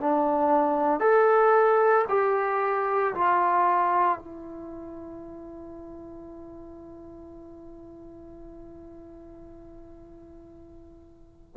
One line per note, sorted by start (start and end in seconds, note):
0.00 1.00 D4
1.00 2.05 A4
2.09 3.14 G4
3.14 4.19 F4
4.19 11.56 E4